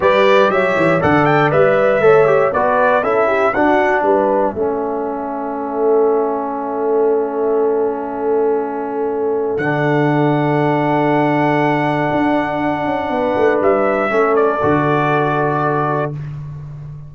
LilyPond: <<
  \new Staff \with { instrumentName = "trumpet" } { \time 4/4 \tempo 4 = 119 d''4 e''4 fis''8 g''8 e''4~ | e''4 d''4 e''4 fis''4 | e''1~ | e''1~ |
e''2. fis''4~ | fis''1~ | fis''2. e''4~ | e''8 d''2.~ d''8 | }
  \new Staff \with { instrumentName = "horn" } { \time 4/4 b'4 cis''4 d''2 | cis''4 b'4 a'8 g'8 fis'4 | b'4 a'2.~ | a'1~ |
a'1~ | a'1~ | a'2 b'2 | a'1 | }
  \new Staff \with { instrumentName = "trombone" } { \time 4/4 g'2 a'4 b'4 | a'8 g'8 fis'4 e'4 d'4~ | d'4 cis'2.~ | cis'1~ |
cis'2. d'4~ | d'1~ | d'1 | cis'4 fis'2. | }
  \new Staff \with { instrumentName = "tuba" } { \time 4/4 g4 fis8 e8 d4 g4 | a4 b4 cis'4 d'4 | g4 a2.~ | a1~ |
a2. d4~ | d1 | d'4. cis'8 b8 a8 g4 | a4 d2. | }
>>